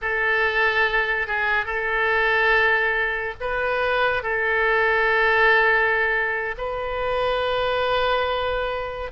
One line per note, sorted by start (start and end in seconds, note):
0.01 1.27 A4
1.27 1.65 G#4
1.65 3.34 A4
3.40 4.23 B4
4.23 6.55 A4
6.57 9.11 B4